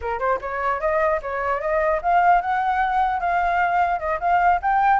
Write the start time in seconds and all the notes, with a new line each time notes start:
0.01 A#4
0.19 C5
0.41 C#5
0.80 D#5
1.22 C#5
1.60 D#5
2.02 F5
2.41 F#5
3.20 F5
3.99 D#5
4.19 F5
4.62 G5